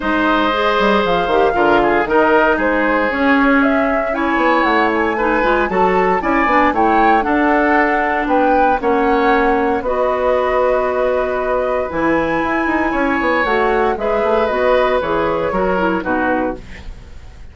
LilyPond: <<
  \new Staff \with { instrumentName = "flute" } { \time 4/4 \tempo 4 = 116 dis''2 f''2 | dis''4 c''4 cis''4 e''4 | gis''4 fis''8 gis''4. a''4 | gis''4 g''4 fis''2 |
g''4 fis''2 dis''4~ | dis''2. gis''4~ | gis''2 fis''4 e''4 | dis''4 cis''2 b'4 | }
  \new Staff \with { instrumentName = "oboe" } { \time 4/4 c''2. ais'8 gis'8 | ais'4 gis'2. | cis''2 b'4 a'4 | d''4 cis''4 a'2 |
b'4 cis''2 b'4~ | b'1~ | b'4 cis''2 b'4~ | b'2 ais'4 fis'4 | }
  \new Staff \with { instrumentName = "clarinet" } { \time 4/4 dis'4 gis'4. g'8 f'4 | dis'2 cis'2 | e'2 dis'8 f'8 fis'4 | e'8 d'8 e'4 d'2~ |
d'4 cis'2 fis'4~ | fis'2. e'4~ | e'2 fis'4 gis'4 | fis'4 gis'4 fis'8 e'8 dis'4 | }
  \new Staff \with { instrumentName = "bassoon" } { \time 4/4 gis4. g8 f8 dis8 d4 | dis4 gis4 cis'2~ | cis'8 b8 a4. gis8 fis4 | cis'8 b8 a4 d'2 |
b4 ais2 b4~ | b2. e4 | e'8 dis'8 cis'8 b8 a4 gis8 a8 | b4 e4 fis4 b,4 | }
>>